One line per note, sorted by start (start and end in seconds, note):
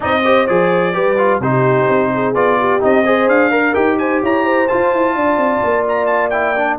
0.00 0.49 C4
0.00 0.21 D#4
0.00 0.22 D5
0.00 0.46 D#5
0.24 0.47 G4
0.24 0.94 C5
0.46 0.96 F3
0.46 0.93 G#4
0.46 1.40 D5
0.93 1.39 G3
0.93 1.16 G4
0.93 1.41 B4
1.18 1.41 F4
1.39 1.86 C3
1.39 2.34 D#4
1.39 2.11 G4
1.39 2.34 C5
1.88 2.34 C4
2.14 2.59 G#4
2.34 2.81 B3
2.34 2.80 F4
2.34 2.81 D5
2.59 3.05 G4
2.80 3.27 C4
2.80 3.03 D#4
2.80 3.28 D#5
3.05 3.50 G#4
3.05 3.50 C5
3.27 3.74 D4
3.27 3.74 F5
3.50 3.97 A#4
3.50 3.74 A#4
3.74 4.22 D#4
3.74 4.67 G4
3.74 3.98 G5
3.98 4.21 C5
3.98 4.21 G#5
4.21 4.69 E4
4.21 4.44 C#5
4.21 4.68 A#5
4.44 5.14 C5
4.68 6.31 F4
4.68 4.93 F4
4.68 5.85 A5
4.93 5.15 E4
5.15 5.37 D4
5.15 6.78 D5
5.37 5.60 C4
5.64 6.78 A#3
5.88 6.06 A#5
6.06 6.29 A5
6.30 6.55 E4
6.30 6.76 G5
6.55 6.78 D4